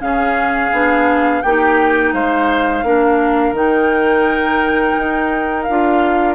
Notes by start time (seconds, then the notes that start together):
0.00 C#3 C#4 G#4 F5
0.71 B3 D4
1.42 A#3 D#4 G4 G5
2.12 G#3 C5 F5
2.82 A#3 D4 A#4
3.52 D#3 D#4 G5
4.97 D#4
5.62 D4 F5
5.69 F4